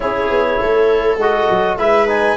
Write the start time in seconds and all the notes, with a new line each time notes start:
0.00 C#4 E4 G#4 C#5
0.30 B3
0.60 A3 A4
1.16 G#3 F#4 D#5
1.50 F#3
1.77 G#3 E4 B4 E5
2.07 D#4 G#5